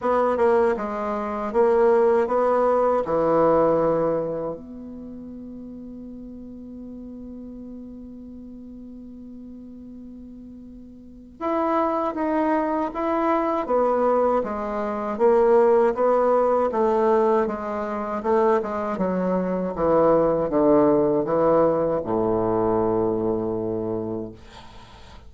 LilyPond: \new Staff \with { instrumentName = "bassoon" } { \time 4/4 \tempo 4 = 79 b8 ais8 gis4 ais4 b4 | e2 b2~ | b1~ | b2. e'4 |
dis'4 e'4 b4 gis4 | ais4 b4 a4 gis4 | a8 gis8 fis4 e4 d4 | e4 a,2. | }